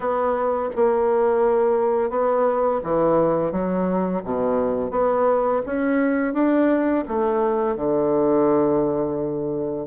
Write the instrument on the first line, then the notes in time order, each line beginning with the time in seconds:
bassoon
0.00 B3
0.75 A#3
2.10 B3
2.83 E3
3.51 F#3
4.24 B2
4.91 B3
5.65 C#4
6.33 D4
7.08 A3
7.76 D3